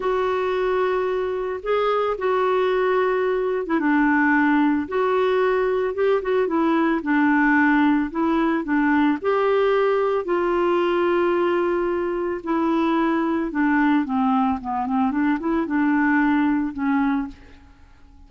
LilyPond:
\new Staff \with { instrumentName = "clarinet" } { \time 4/4 \tempo 4 = 111 fis'2. gis'4 | fis'2~ fis'8. e'16 d'4~ | d'4 fis'2 g'8 fis'8 | e'4 d'2 e'4 |
d'4 g'2 f'4~ | f'2. e'4~ | e'4 d'4 c'4 b8 c'8 | d'8 e'8 d'2 cis'4 | }